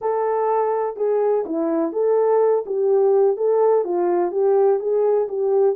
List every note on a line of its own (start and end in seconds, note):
0.01 0.96 A4
0.96 1.44 G#4
1.45 1.92 E4
1.92 2.64 A4
2.66 3.36 G4
3.36 3.84 A4
3.84 4.31 F4
4.31 4.79 G4
4.79 5.27 G#4
5.28 5.75 G4